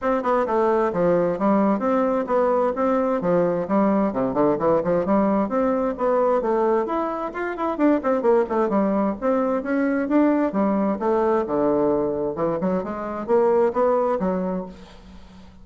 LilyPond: \new Staff \with { instrumentName = "bassoon" } { \time 4/4 \tempo 4 = 131 c'8 b8 a4 f4 g4 | c'4 b4 c'4 f4 | g4 c8 d8 e8 f8 g4 | c'4 b4 a4 e'4 |
f'8 e'8 d'8 c'8 ais8 a8 g4 | c'4 cis'4 d'4 g4 | a4 d2 e8 fis8 | gis4 ais4 b4 fis4 | }